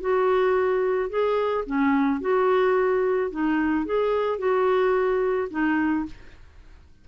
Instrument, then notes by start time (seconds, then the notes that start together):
clarinet
0.00 F#4
1.09 G#4
1.65 C#4
2.20 F#4
3.31 D#4
3.85 G#4
4.38 F#4
5.50 D#4